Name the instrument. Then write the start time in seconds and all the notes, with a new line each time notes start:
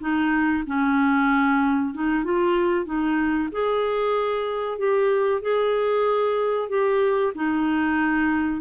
clarinet
0.00 D#4
0.67 C#4
1.94 D#4
2.24 F4
2.85 D#4
3.52 G#4
4.78 G4
5.42 G#4
6.69 G4
7.35 D#4